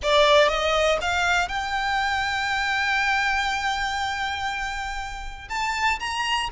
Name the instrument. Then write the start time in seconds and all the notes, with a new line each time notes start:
violin
0.02 D5
0.48 D#5
1.01 F5
1.48 G5
5.49 A5
5.99 A#5